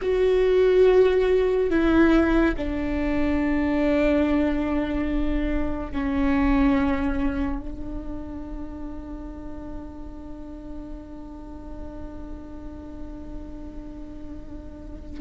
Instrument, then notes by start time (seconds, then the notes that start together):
viola
0.01 F#4
1.70 E4
2.56 D4
5.92 C#4
7.60 D4